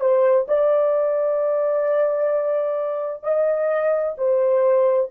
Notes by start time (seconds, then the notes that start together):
0.00 C5
0.48 D5
3.23 D#5
4.17 C5